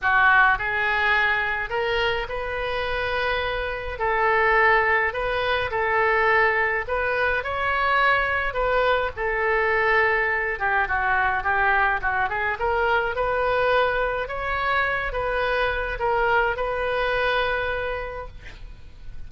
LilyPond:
\new Staff \with { instrumentName = "oboe" } { \time 4/4 \tempo 4 = 105 fis'4 gis'2 ais'4 | b'2. a'4~ | a'4 b'4 a'2 | b'4 cis''2 b'4 |
a'2~ a'8 g'8 fis'4 | g'4 fis'8 gis'8 ais'4 b'4~ | b'4 cis''4. b'4. | ais'4 b'2. | }